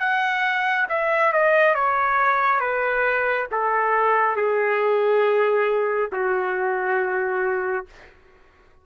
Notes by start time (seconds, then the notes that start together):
0.00 F#5
0.89 E5
1.33 D#5
1.75 C#5
2.60 B4
3.52 A4
4.36 G#4
6.12 F#4